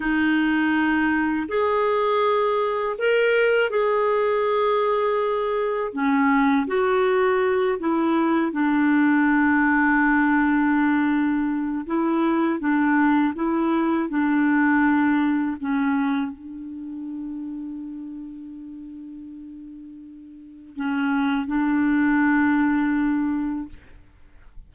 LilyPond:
\new Staff \with { instrumentName = "clarinet" } { \time 4/4 \tempo 4 = 81 dis'2 gis'2 | ais'4 gis'2. | cis'4 fis'4. e'4 d'8~ | d'1 |
e'4 d'4 e'4 d'4~ | d'4 cis'4 d'2~ | d'1 | cis'4 d'2. | }